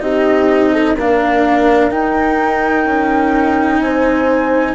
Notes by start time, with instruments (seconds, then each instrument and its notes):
0.00 bassoon C4, cello D#4, horn G4, flute D#5
0.73 horn A4
0.96 bassoon A#3, cello D4, horn A#4, flute F5
1.90 bassoon D#4, cello D#4, flute G5
2.85 bassoon C#4
3.80 bassoon C4, horn C5, flute G#5